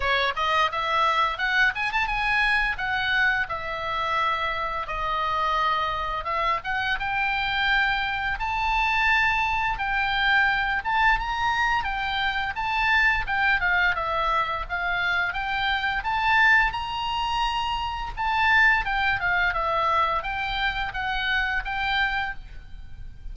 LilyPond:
\new Staff \with { instrumentName = "oboe" } { \time 4/4 \tempo 4 = 86 cis''8 dis''8 e''4 fis''8 gis''16 a''16 gis''4 | fis''4 e''2 dis''4~ | dis''4 e''8 fis''8 g''2 | a''2 g''4. a''8 |
ais''4 g''4 a''4 g''8 f''8 | e''4 f''4 g''4 a''4 | ais''2 a''4 g''8 f''8 | e''4 g''4 fis''4 g''4 | }